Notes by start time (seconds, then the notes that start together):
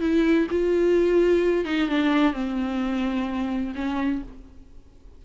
0.00 E4
0.50 F4
1.65 D#4
1.89 D4
2.33 C4
3.75 C#4